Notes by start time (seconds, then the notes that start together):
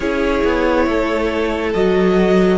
0.00 C#4 E4 G#4 C#5
0.44 B3
0.87 A3 A4
1.73 F#3 F#4 D#5